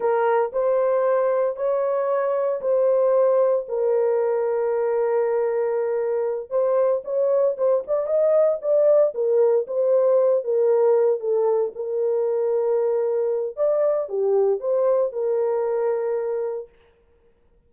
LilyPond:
\new Staff \with { instrumentName = "horn" } { \time 4/4 \tempo 4 = 115 ais'4 c''2 cis''4~ | cis''4 c''2 ais'4~ | ais'1~ | ais'8 c''4 cis''4 c''8 d''8 dis''8~ |
dis''8 d''4 ais'4 c''4. | ais'4. a'4 ais'4.~ | ais'2 d''4 g'4 | c''4 ais'2. | }